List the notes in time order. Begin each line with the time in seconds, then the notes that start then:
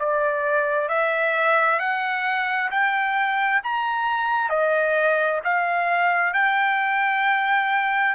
0.00 D5
0.89 E5
1.80 F#5
2.71 G5
3.64 A#5
4.50 D#5
5.45 F5
6.34 G5